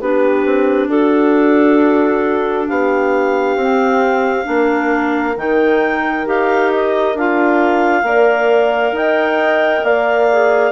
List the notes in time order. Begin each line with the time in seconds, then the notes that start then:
0.00 B3 D4 G4 B4
0.45 C4
0.88 D4 F#4 A4
2.67 B3 G4 F5
3.56 C4
4.44 A#3 D4 A#4
5.36 D#3 D#4 G5
6.26 D#4 G4 F5
6.73 D#5
7.14 D4 F4 F5
8.03 A#3 A#4 D5
8.92 D#4 D#5 G5
9.83 A#3 D5 F5
10.32 G#4